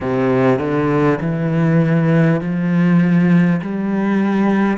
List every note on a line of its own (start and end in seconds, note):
0.01 0.58 C3
0.58 1.18 D3
1.20 2.40 E3
2.41 3.61 F3
3.61 4.77 G3